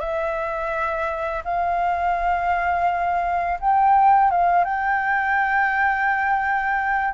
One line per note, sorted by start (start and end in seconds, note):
0.00 1.43 E5
1.44 3.59 F5
3.60 4.31 G5
4.31 4.64 F5
4.64 7.14 G5